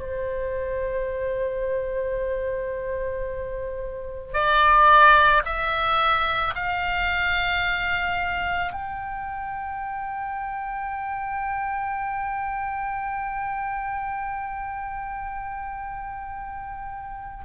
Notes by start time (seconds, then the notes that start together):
0.00 C5
4.33 D5
5.45 E5
6.55 F5
8.73 G5